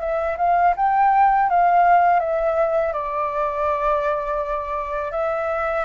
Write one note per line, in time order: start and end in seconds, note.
0.00 0.37 E5
0.38 0.74 F5
0.76 1.49 G5
1.49 2.20 F5
2.20 2.93 E5
2.93 5.12 D5
5.12 5.85 E5